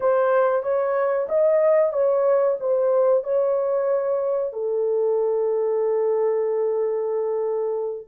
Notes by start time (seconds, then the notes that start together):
0.00 C5
0.62 C#5
1.28 D#5
1.92 C#5
2.60 C5
3.23 C#5
4.52 A4